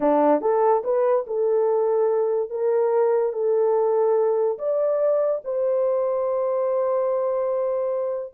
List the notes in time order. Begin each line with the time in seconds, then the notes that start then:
0.00 D4
0.41 A4
0.83 B4
1.27 A4
2.50 A#4
3.32 A4
4.58 D5
5.44 C5